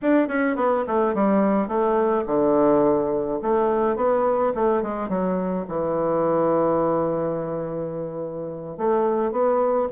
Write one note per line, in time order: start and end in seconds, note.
0.02 0.28 D4
0.28 0.56 C#4
0.56 0.84 B3
0.87 1.14 A3
1.14 1.67 G3
1.67 2.24 A3
2.26 3.39 D3
3.42 3.96 A3
3.96 4.52 B3
4.54 4.82 A3
4.82 5.08 G#3
5.08 5.65 F#3
5.68 8.77 E3
8.77 9.31 A3
9.31 9.88 B3